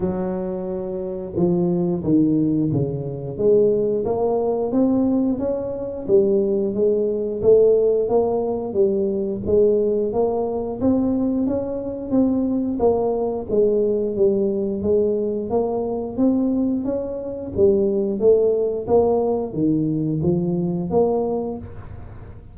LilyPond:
\new Staff \with { instrumentName = "tuba" } { \time 4/4 \tempo 4 = 89 fis2 f4 dis4 | cis4 gis4 ais4 c'4 | cis'4 g4 gis4 a4 | ais4 g4 gis4 ais4 |
c'4 cis'4 c'4 ais4 | gis4 g4 gis4 ais4 | c'4 cis'4 g4 a4 | ais4 dis4 f4 ais4 | }